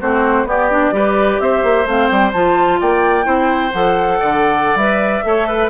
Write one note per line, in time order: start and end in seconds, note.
0.00 0.44 A3
0.00 0.46 C4
0.00 0.47 F#4
0.00 0.47 C5
0.44 0.91 B3
0.44 0.69 B3
0.44 0.94 G4
0.44 1.40 D5
0.70 0.92 D4
0.92 1.38 G3
0.92 1.85 G4
0.92 1.41 B4
1.39 1.63 C4
1.39 2.80 C5
1.39 1.87 E5
1.63 1.85 A#3
1.85 2.09 A3
1.85 2.33 C4
1.85 2.07 F5
2.07 2.33 G3
2.07 2.31 G5
2.33 2.80 F3
2.33 3.23 F4
2.33 2.79 A5
2.80 3.25 A#3
2.80 3.25 D5
2.80 3.72 G5
3.23 3.72 C4
3.23 3.69 E4
3.23 4.18 C5
3.72 4.20 F3
3.72 4.79 A4
3.72 4.76 F#5
4.19 4.75 D3
4.19 5.24 D5
4.75 5.21 G3
4.75 5.23 B4
4.75 5.69 E5
5.23 5.70 A3
5.23 5.70 A4
5.23 5.47 C#5
5.47 5.70 B4